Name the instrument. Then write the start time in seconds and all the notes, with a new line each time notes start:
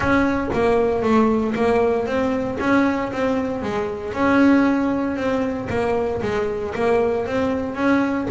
double bass
0.00 C#4
0.53 A#3
1.02 A3
1.55 A#3
2.06 C4
2.60 C#4
3.12 C4
3.62 G#3
4.13 C#4
5.16 C4
5.69 A#3
6.22 G#3
6.74 A#3
7.26 C4
7.75 C#4